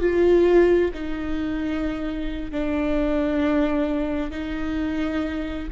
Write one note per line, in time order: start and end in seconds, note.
0.00 0.91 F4
0.94 2.51 D#4
2.51 4.31 D4
4.31 5.67 D#4